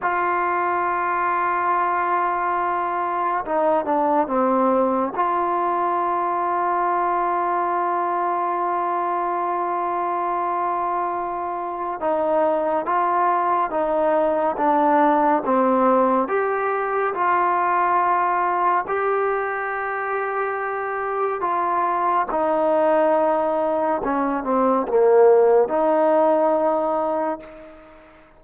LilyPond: \new Staff \with { instrumentName = "trombone" } { \time 4/4 \tempo 4 = 70 f'1 | dis'8 d'8 c'4 f'2~ | f'1~ | f'2 dis'4 f'4 |
dis'4 d'4 c'4 g'4 | f'2 g'2~ | g'4 f'4 dis'2 | cis'8 c'8 ais4 dis'2 | }